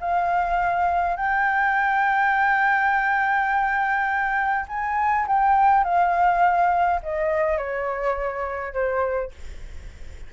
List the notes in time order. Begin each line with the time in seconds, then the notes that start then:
0.00 F5
1.16 G5
4.68 G#5
5.27 G5
5.84 F5
7.02 D#5
7.57 C#5
8.72 C5